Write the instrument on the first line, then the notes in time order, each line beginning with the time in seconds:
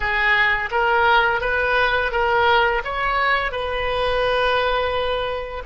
oboe
0.00 G#4
0.71 A#4
1.41 B4
2.11 A#4
2.84 C#5
3.51 B4